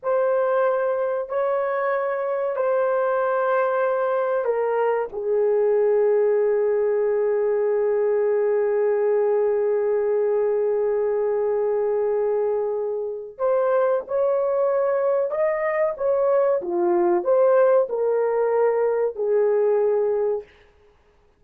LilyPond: \new Staff \with { instrumentName = "horn" } { \time 4/4 \tempo 4 = 94 c''2 cis''2 | c''2. ais'4 | gis'1~ | gis'1~ |
gis'1~ | gis'4 c''4 cis''2 | dis''4 cis''4 f'4 c''4 | ais'2 gis'2 | }